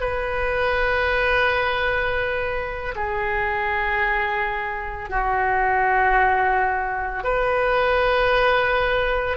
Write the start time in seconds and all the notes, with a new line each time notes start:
0.00 B4
2.95 G#4
5.09 F#4
7.24 B4